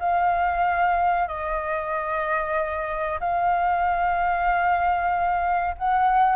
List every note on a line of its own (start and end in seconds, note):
0.00 1.28 F5
1.28 3.19 D#5
3.20 5.76 F5
5.78 6.36 F#5